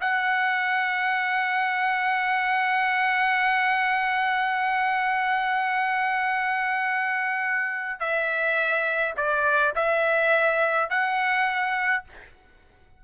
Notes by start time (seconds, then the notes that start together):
0.00 F#5
7.99 E5
9.17 D5
9.75 E5
10.89 F#5